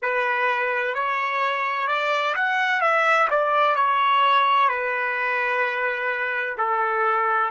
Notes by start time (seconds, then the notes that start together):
0.02 B4
0.94 C#5
1.87 D5
2.35 F#5
2.81 E5
3.30 D5
3.75 C#5
4.68 B4
6.57 A4